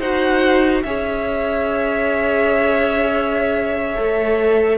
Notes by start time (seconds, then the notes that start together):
0.00 D#4 F#4 C5 F#5
0.83 C#4 G#4 C#5 E5
3.97 A3 A4